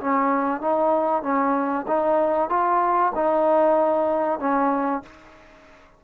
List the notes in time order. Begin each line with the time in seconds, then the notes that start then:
0.00 C#4
0.61 D#4
1.22 C#4
1.87 D#4
2.49 F4
3.15 D#4
4.39 C#4